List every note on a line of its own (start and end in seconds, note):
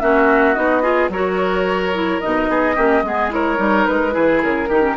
0.00 0.57 A#3
0.00 0.56 C#4
0.00 0.83 F#4
0.00 0.54 E5
0.54 1.09 B3
0.54 0.82 D#4
0.54 1.09 D#5
0.82 1.10 F4
0.82 1.10 G#4
1.09 2.19 F#3
1.09 1.94 F#4
1.09 2.50 A#4
1.09 2.21 C#5
1.94 2.22 E4
2.21 2.49 B2
2.21 2.76 D#4
2.21 3.31 D#5
2.49 2.76 B3
2.49 2.76 G#4
2.76 3.03 A#3
2.76 3.03 C#4
2.76 3.03 G4
3.03 3.58 G#3
3.03 3.30 B3
3.03 3.34 G#4
3.30 3.57 E4
3.30 4.14 A#4
3.30 3.86 C#5
3.57 3.86 G3
3.57 4.11 D#4
3.86 4.16 G#3
3.86 4.41 B4
4.11 4.43 E3
4.11 4.66 E4
4.11 4.69 G#4
4.43 4.69 C#3
4.43 4.97 A#4
4.69 4.97 D#3
4.69 4.82 D#4
4.69 4.97 G4
4.82 4.95 C#4